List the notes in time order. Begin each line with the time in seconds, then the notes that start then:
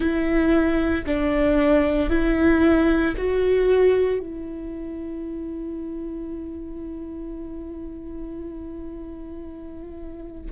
0.00 E4
1.06 D4
2.09 E4
3.17 F#4
4.19 E4